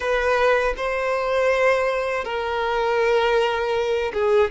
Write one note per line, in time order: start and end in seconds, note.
0.00 0.74 B4
0.76 2.24 C5
2.24 4.11 A#4
4.12 4.50 G#4